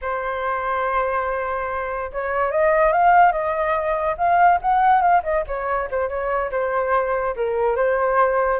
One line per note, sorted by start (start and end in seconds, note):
0.01 2.11 C5
2.12 2.51 C#5
2.51 2.92 D#5
2.92 3.32 F5
3.32 4.16 D#5
4.17 4.59 F5
4.61 5.01 F#5
5.01 5.22 F5
5.23 5.44 D#5
5.47 5.89 C#5
5.90 6.08 C5
6.08 6.50 C#5
6.51 7.35 C5
7.35 7.75 A#4
7.75 8.59 C5